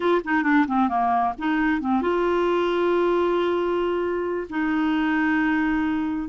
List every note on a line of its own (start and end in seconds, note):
0.00 0.21 F4
0.24 0.43 D#4
0.43 0.65 D4
0.67 0.88 C4
0.88 1.33 A#3
1.38 1.80 D#4
1.80 2.01 C4
2.01 4.47 F4
4.49 6.28 D#4